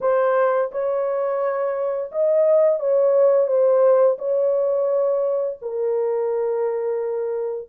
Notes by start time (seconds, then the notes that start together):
0.01 C5
0.71 C#5
2.11 D#5
2.79 C#5
3.47 C5
4.18 C#5
5.61 A#4